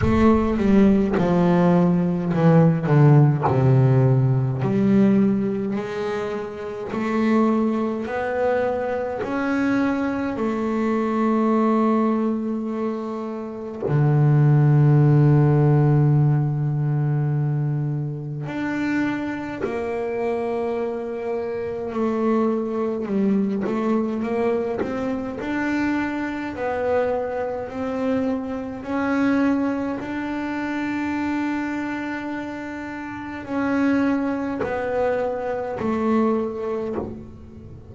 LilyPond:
\new Staff \with { instrumentName = "double bass" } { \time 4/4 \tempo 4 = 52 a8 g8 f4 e8 d8 c4 | g4 gis4 a4 b4 | cis'4 a2. | d1 |
d'4 ais2 a4 | g8 a8 ais8 c'8 d'4 b4 | c'4 cis'4 d'2~ | d'4 cis'4 b4 a4 | }